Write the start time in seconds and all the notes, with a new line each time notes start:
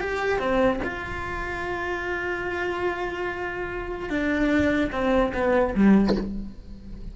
0.00 G4
0.39 C4
0.84 F4
4.09 D4
4.92 C4
5.34 B3
5.75 G3